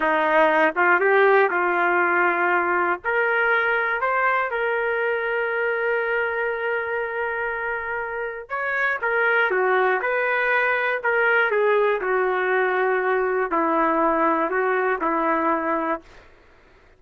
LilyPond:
\new Staff \with { instrumentName = "trumpet" } { \time 4/4 \tempo 4 = 120 dis'4. f'8 g'4 f'4~ | f'2 ais'2 | c''4 ais'2.~ | ais'1~ |
ais'4 cis''4 ais'4 fis'4 | b'2 ais'4 gis'4 | fis'2. e'4~ | e'4 fis'4 e'2 | }